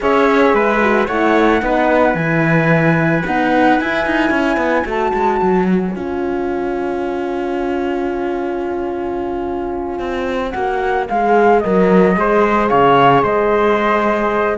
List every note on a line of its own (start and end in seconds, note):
0.00 0.53 C#4
0.00 0.80 G#4
0.00 0.54 C#5
0.00 1.07 E5
0.53 1.07 G#3
0.53 1.05 B4
0.81 1.08 F#4
1.05 1.61 A3
1.05 1.60 E4
1.05 1.59 C#5
1.05 2.15 F#5
1.60 2.14 B3
1.60 2.14 D#4
1.60 4.34 B4
2.14 3.22 E3
2.14 3.23 E4
2.14 3.23 G#5
3.25 3.81 B3
3.25 3.80 D#4
3.25 3.79 F#5
3.79 4.06 E4
3.79 4.84 E4
3.79 4.87 G#5
4.06 4.30 D#4
4.30 4.56 C#4
4.30 12.17 C#5
4.56 4.83 B3
4.84 5.12 A3
4.84 5.92 F#4
4.84 5.66 A5
5.13 5.40 G#3
5.42 5.95 F#3
5.66 10.50 G#5
5.95 9.99 C#4
5.95 10.53 F4
9.99 10.53 C4
10.50 11.08 A#3
10.50 11.07 F#4
10.50 11.04 F#5
11.08 11.64 G#3
11.08 11.63 G#4
11.08 11.59 F5
11.59 12.16 F#3
11.59 12.15 A#4
11.59 12.67 D#5
12.15 12.70 G#3
12.15 14.57 G#4
12.15 12.69 C5
12.68 13.23 C#3
12.68 13.23 C#5
12.68 13.22 F5
13.23 14.57 G#3
13.23 14.57 C5
13.23 14.57 D#5